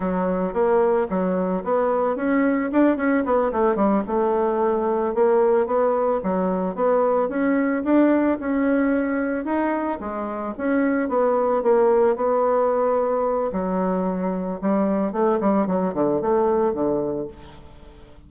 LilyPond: \new Staff \with { instrumentName = "bassoon" } { \time 4/4 \tempo 4 = 111 fis4 ais4 fis4 b4 | cis'4 d'8 cis'8 b8 a8 g8 a8~ | a4. ais4 b4 fis8~ | fis8 b4 cis'4 d'4 cis'8~ |
cis'4. dis'4 gis4 cis'8~ | cis'8 b4 ais4 b4.~ | b4 fis2 g4 | a8 g8 fis8 d8 a4 d4 | }